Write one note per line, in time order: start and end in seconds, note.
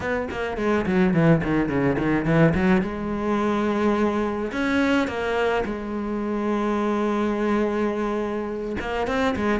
0.00 0.28 B3
0.30 0.57 A#3
0.57 0.85 G#3
0.86 1.13 F#3
1.13 1.42 E3
1.43 1.68 D#3
1.68 1.97 C#3
1.98 2.25 D#3
2.25 2.53 E3
2.54 2.81 F#3
2.81 4.51 G#3
4.51 5.07 C#4
5.07 5.64 A#3
5.65 8.76 G#3
8.80 9.07 A#3
9.07 9.35 C4
9.36 9.59 G#3